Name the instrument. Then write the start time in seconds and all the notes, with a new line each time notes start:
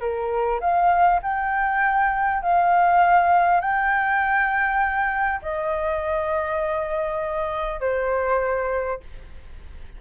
flute
0.00 A#4
0.60 F5
1.22 G5
2.42 F5
3.61 G5
5.42 D#5
7.80 C5